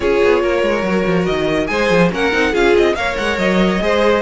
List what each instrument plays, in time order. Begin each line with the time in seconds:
0.00 cello C#4, viola F4, violin G#4 C#5
0.23 cello B3
0.42 cello A#3, violin A#4
0.62 cello G#3
0.83 cello F#3, viola F#4
1.06 cello F3
1.25 cello D#3, violin D#5
1.67 cello G#3, viola G#4, violin C5 G#5
1.90 cello F3
2.10 cello A#3, viola C#4, violin A#4 F#5
2.32 cello C4, viola D#4
2.52 cello C#4, viola F4, violin G#4 F5
2.77 cello C4, violin D#5
2.94 cello A#3, viola A#4, violin C#5 F5
3.17 cello G#3, violin F#5
3.37 cello F#3, violin D#5
3.80 cello G#3, viola G#4, violin C5